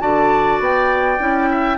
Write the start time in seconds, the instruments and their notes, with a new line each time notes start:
0.00 bassoon D3, clarinet F#4, oboe D5, flute A5
0.59 bassoon B3, flute G5
1.19 bassoon C#4, clarinet E4
1.51 oboe E5